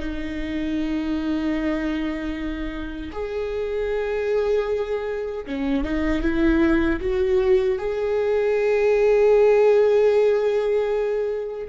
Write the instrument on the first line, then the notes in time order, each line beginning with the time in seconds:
viola
0.00 D#4
3.12 G#4
5.47 C#4
5.84 D#4
6.22 E4
7.01 F#4
7.79 G#4